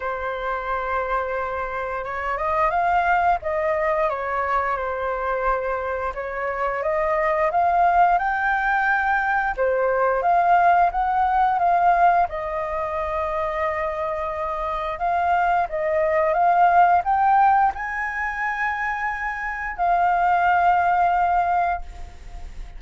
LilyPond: \new Staff \with { instrumentName = "flute" } { \time 4/4 \tempo 4 = 88 c''2. cis''8 dis''8 | f''4 dis''4 cis''4 c''4~ | c''4 cis''4 dis''4 f''4 | g''2 c''4 f''4 |
fis''4 f''4 dis''2~ | dis''2 f''4 dis''4 | f''4 g''4 gis''2~ | gis''4 f''2. | }